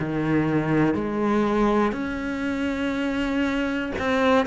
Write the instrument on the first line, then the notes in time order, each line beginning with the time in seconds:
cello
0.00 D#3
0.95 G#3
1.92 C#4
3.99 C4